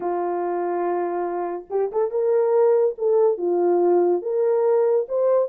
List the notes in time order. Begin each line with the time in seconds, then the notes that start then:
0.00 F4
1.70 G4
1.92 A4
2.10 A#4
2.98 A4
3.37 F4
4.22 A#4
5.08 C5